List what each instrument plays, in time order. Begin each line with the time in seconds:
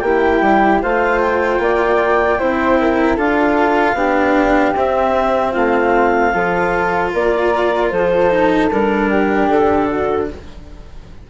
0.00 bassoon A#3, cello E4, flute G4, clarinet G5
0.41 bassoon G3
0.82 bassoon A3, cello F4, flute C5, clarinet F5
1.20 clarinet G5
1.59 bassoon A#3, flute D5
2.39 bassoon C4, cello E4, flute C5
2.80 flute A#4
3.16 bassoon D4, cello F4, flute A4, clarinet F5
3.94 bassoon B3, cello D4, flute G4
4.75 bassoon C4, cello C4, clarinet E5
5.52 bassoon A3, flute F4, clarinet F5
6.33 bassoon F3, cello F4, flute A4
7.13 bassoon A#3, flute A#4, clarinet D5
7.90 bassoon F3, flute A4, clarinet C5
8.30 cello D#4
8.71 bassoon G3, cello D4, clarinet A#4
9.10 flute G4
9.49 bassoon D3, clarinet A4
9.88 flute F#4